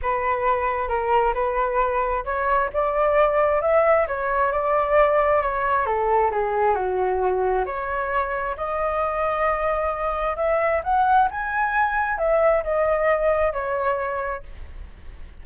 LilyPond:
\new Staff \with { instrumentName = "flute" } { \time 4/4 \tempo 4 = 133 b'2 ais'4 b'4~ | b'4 cis''4 d''2 | e''4 cis''4 d''2 | cis''4 a'4 gis'4 fis'4~ |
fis'4 cis''2 dis''4~ | dis''2. e''4 | fis''4 gis''2 e''4 | dis''2 cis''2 | }